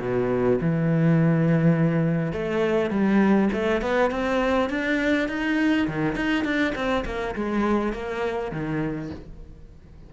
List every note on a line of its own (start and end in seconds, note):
0.00 0.59 B2
0.60 2.32 E3
2.32 2.90 A3
2.90 3.49 G3
3.53 3.81 A3
3.81 4.10 B3
4.10 4.69 C4
4.69 5.28 D4
5.28 5.87 D#4
5.87 6.15 D#3
6.15 6.44 D#4
6.44 6.73 D4
6.75 7.04 C4
7.05 7.34 A#3
7.35 7.93 G#3
7.93 8.51 A#3
8.51 9.10 D#3